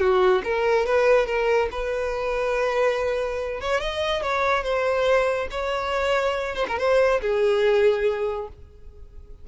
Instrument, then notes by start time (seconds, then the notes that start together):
violin
0.00 F#4
0.44 A#4
0.86 B4
1.26 A#4
1.71 B4
3.61 C#5
3.80 D#5
4.23 C#5
4.63 C5
5.51 C#5
6.56 C5
6.68 A#4
6.79 C5
7.21 G#4